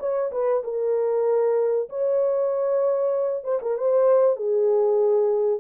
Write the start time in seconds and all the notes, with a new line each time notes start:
0.00 C#5
0.32 B4
0.64 A#4
1.89 C#5
3.44 C5
3.62 A#4
3.78 C5
4.37 G#4